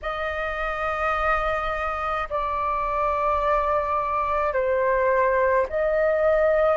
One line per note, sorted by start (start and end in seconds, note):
0.02 2.28 D#5
2.29 4.53 D5
4.53 5.66 C5
5.69 6.77 D#5